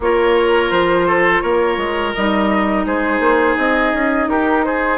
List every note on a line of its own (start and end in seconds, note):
0.00 0.71 A#3
0.00 2.16 F4
0.00 1.07 A#4
0.00 0.70 C#5
0.70 1.42 F3
0.70 1.41 C5
1.07 1.42 A4
1.41 1.77 A#3
1.41 2.85 A#4
1.41 2.12 C#5
1.77 2.13 G#3
2.14 2.85 G3
2.14 4.98 D#4
2.14 2.85 D#5
2.85 3.19 G#3
2.85 4.29 G#4
2.85 3.57 C5
3.19 3.55 A#3
3.57 3.93 C4
3.57 4.29 D#5
3.93 4.27 C#4
4.27 4.98 D#4
4.27 4.65 G4
4.27 4.64 A#4
4.64 4.98 G#4
4.64 4.98 C5